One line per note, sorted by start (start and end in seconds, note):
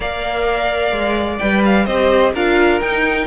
0.00 0.91 A#3
0.00 1.39 A#4
0.00 1.85 D5
0.00 1.38 F5
0.91 1.38 G#3
1.38 1.86 G3
1.38 1.87 B4
1.38 1.61 G5
1.65 1.86 F5
1.85 2.33 C4
1.85 2.35 G4
1.85 2.32 C5
1.85 2.32 D#5
2.33 2.81 D4
2.33 2.82 F4
2.33 3.26 A#4
2.33 2.80 F5
2.80 3.26 D#4
2.80 3.26 G5